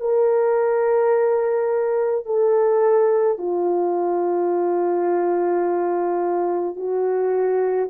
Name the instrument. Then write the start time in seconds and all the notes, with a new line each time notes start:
horn
0.00 A#4
2.25 A4
3.38 F4
6.76 F#4